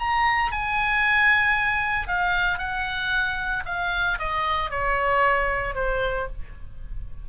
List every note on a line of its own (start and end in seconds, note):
0.00 0.52 A#5
0.52 2.08 G#5
2.08 2.59 F5
2.59 3.64 F#5
3.66 4.19 F5
4.19 4.71 D#5
4.71 5.75 C#5
5.75 6.28 C5